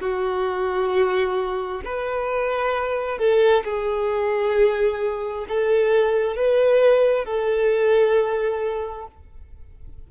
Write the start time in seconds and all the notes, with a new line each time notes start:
0.00 F#4
1.85 B4
3.18 A4
3.64 G#4
5.48 A4
6.36 B4
7.25 A4